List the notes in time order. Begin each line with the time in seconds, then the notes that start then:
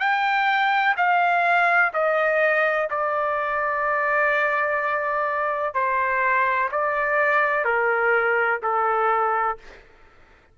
0.00 G5
0.97 F5
1.94 D#5
2.90 D5
5.74 C5
6.72 D5
7.65 A#4
8.63 A4